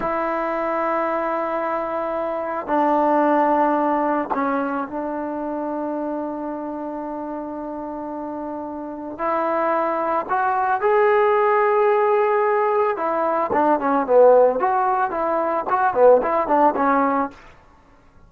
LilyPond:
\new Staff \with { instrumentName = "trombone" } { \time 4/4 \tempo 4 = 111 e'1~ | e'4 d'2. | cis'4 d'2.~ | d'1~ |
d'4 e'2 fis'4 | gis'1 | e'4 d'8 cis'8 b4 fis'4 | e'4 fis'8 b8 e'8 d'8 cis'4 | }